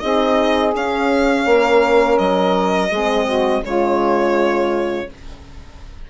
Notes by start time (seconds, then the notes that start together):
0.00 C4 D#4 G#4 D#5
0.75 C#4 F5
1.46 A#3 A#4
2.18 F#3 D#5
2.90 G#3 C4 G#4
3.27 F#4
3.62 C#3 G#3 F4 C#5